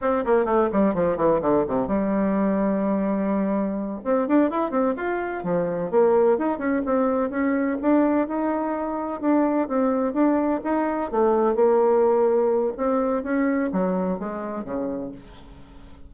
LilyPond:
\new Staff \with { instrumentName = "bassoon" } { \time 4/4 \tempo 4 = 127 c'8 ais8 a8 g8 f8 e8 d8 c8 | g1~ | g8 c'8 d'8 e'8 c'8 f'4 f8~ | f8 ais4 dis'8 cis'8 c'4 cis'8~ |
cis'8 d'4 dis'2 d'8~ | d'8 c'4 d'4 dis'4 a8~ | a8 ais2~ ais8 c'4 | cis'4 fis4 gis4 cis4 | }